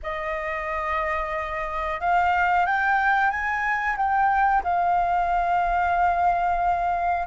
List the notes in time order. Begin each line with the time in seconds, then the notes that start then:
0.02 D#5
2.00 F5
2.66 G5
3.30 G#5
3.97 G5
4.63 F5